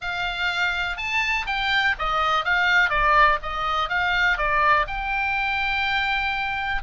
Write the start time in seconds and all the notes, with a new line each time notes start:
0.01 F5
0.97 A5
1.46 G5
1.99 D#5
2.44 F5
2.89 D5
3.42 D#5
3.89 F5
4.37 D5
4.87 G5